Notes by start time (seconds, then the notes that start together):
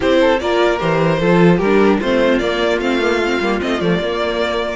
0.00 C4 E4 G4 C5
0.20 A4
0.39 A#3 F4 A#4 D5
0.78 E3 G4 C5
1.19 F3 F4 A4
1.57 G3 G4 A#4
1.64 D4
1.99 A3 C4 F4 C5
2.38 A#3 D5
2.77 A3 C4 F5
3.00 A#3
3.24 C4
3.40 G3 A#3
3.59 A3 C4 D#5
3.80 F3 A3 D5
3.99 A#3